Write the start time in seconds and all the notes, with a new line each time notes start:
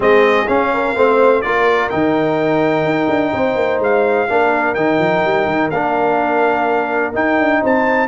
0.00 G#3 C4 G#4 D#5
0.47 C#4 F5
0.73 A#4
0.95 A3 C4 C5
1.41 A#3 F4 A#4 D5
1.89 D#3 D#4 G5
2.84 D#4
3.08 D4
3.33 C4 C5
3.55 A#3
3.79 G#3 F5
4.29 A#3 D4 A#4
4.74 D#3 D#4 G5
4.98 F3
5.24 G3
5.45 D#3
5.70 A#3 D4 F5
7.13 D#4 G5
7.38 D4
7.61 C4 C5 A5